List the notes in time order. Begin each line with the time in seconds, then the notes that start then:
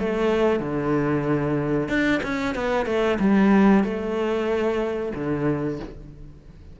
0.00 A3
0.60 D3
1.89 D4
2.23 C#4
2.56 B3
2.87 A3
3.20 G3
3.84 A3
5.15 D3